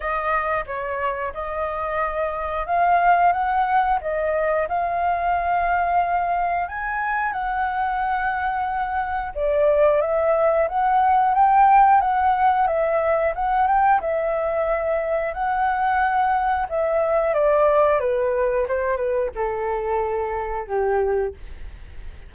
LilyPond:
\new Staff \with { instrumentName = "flute" } { \time 4/4 \tempo 4 = 90 dis''4 cis''4 dis''2 | f''4 fis''4 dis''4 f''4~ | f''2 gis''4 fis''4~ | fis''2 d''4 e''4 |
fis''4 g''4 fis''4 e''4 | fis''8 g''8 e''2 fis''4~ | fis''4 e''4 d''4 b'4 | c''8 b'8 a'2 g'4 | }